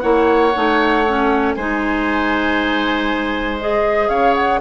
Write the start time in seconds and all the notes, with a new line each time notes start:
0.00 A#3 E4 C#5 F#5
0.55 A3 D#4
1.07 C#4
1.54 G#3 D#4 C5 G#5
3.60 G#4 D#5
4.09 C#3 C#5 F5
4.34 F#5